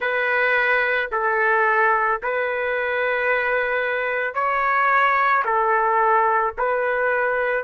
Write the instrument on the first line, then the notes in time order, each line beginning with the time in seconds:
trumpet
0.00 B4
1.11 A4
2.23 B4
4.34 C#5
5.44 A4
6.58 B4